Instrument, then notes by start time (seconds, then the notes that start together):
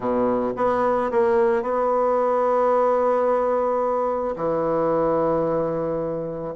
bassoon
0.00 B2
0.56 B3
1.11 A#3
1.62 B3
4.36 E3